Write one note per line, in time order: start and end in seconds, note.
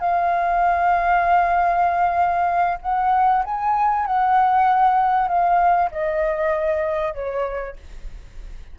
0.00 2.78 F5
2.82 3.44 F#5
3.45 4.06 G#5
4.06 5.28 F#5
5.28 5.90 F5
5.91 7.14 D#5
7.14 7.76 C#5